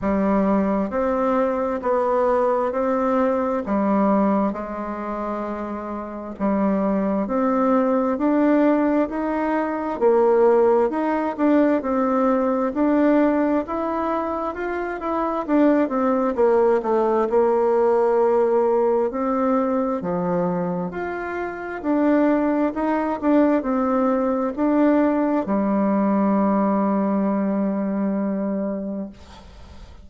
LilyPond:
\new Staff \with { instrumentName = "bassoon" } { \time 4/4 \tempo 4 = 66 g4 c'4 b4 c'4 | g4 gis2 g4 | c'4 d'4 dis'4 ais4 | dis'8 d'8 c'4 d'4 e'4 |
f'8 e'8 d'8 c'8 ais8 a8 ais4~ | ais4 c'4 f4 f'4 | d'4 dis'8 d'8 c'4 d'4 | g1 | }